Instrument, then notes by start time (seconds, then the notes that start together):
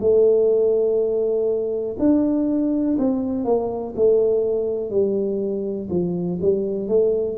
tuba
0.00 A3
1.99 D4
2.98 C4
3.44 A#3
3.96 A3
4.90 G3
5.90 F3
6.41 G3
6.88 A3